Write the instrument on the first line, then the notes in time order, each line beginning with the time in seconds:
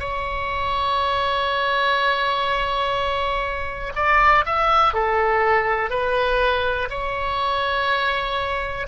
oboe
0.00 C#5
3.96 D5
4.46 E5
4.94 A4
5.91 B4
6.91 C#5